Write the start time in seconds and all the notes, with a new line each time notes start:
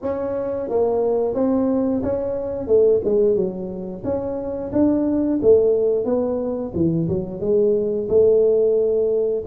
0.02 C#4
0.69 A#3
1.34 C4
2.03 C#4
2.67 A3
3.04 G#3
3.35 F#3
4.04 C#4
4.72 D4
5.41 A3
6.04 B3
6.74 E3
7.08 F#3
7.40 G#3
8.08 A3